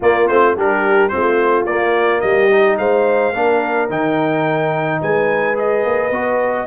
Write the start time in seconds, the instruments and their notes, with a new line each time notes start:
0.00 tuba A#3, trombone A#3, horn F4, trumpet D5
0.27 tuba A3, trombone C4, trumpet C5
0.55 tuba G3, trombone D4, horn G4, trumpet A#4
1.08 trombone C4, horn F4, trumpet C5
1.15 tuba A3
1.66 tuba A#3, trombone A#3, trumpet D5
2.20 tuba G3, horn G4, trumpet D#5
2.50 trombone D#4
2.78 tuba G#3, horn C5, trumpet F5
3.33 tuba A#3, trombone D4, horn A#4
3.89 tuba D#3, trombone D#4, trumpet G5
5.01 tuba G#3, horn B4, trumpet G#5
5.54 trombone G#4, trumpet D#5
5.84 tuba A#3
6.10 tuba B3, trombone F#4